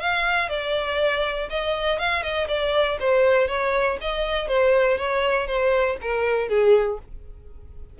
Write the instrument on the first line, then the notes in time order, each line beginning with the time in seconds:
violin
0.00 F5
0.49 D5
1.49 D#5
1.99 F5
2.22 D#5
2.47 D5
3.00 C5
3.48 C#5
4.01 D#5
4.47 C5
4.98 C#5
5.47 C5
6.01 A#4
6.48 G#4